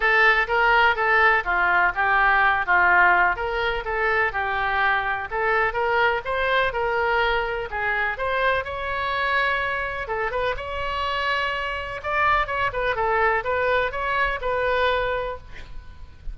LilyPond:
\new Staff \with { instrumentName = "oboe" } { \time 4/4 \tempo 4 = 125 a'4 ais'4 a'4 f'4 | g'4. f'4. ais'4 | a'4 g'2 a'4 | ais'4 c''4 ais'2 |
gis'4 c''4 cis''2~ | cis''4 a'8 b'8 cis''2~ | cis''4 d''4 cis''8 b'8 a'4 | b'4 cis''4 b'2 | }